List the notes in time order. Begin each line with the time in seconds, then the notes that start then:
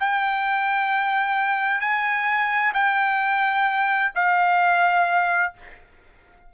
0.00 G5
1.80 G#5
2.74 G5
4.15 F5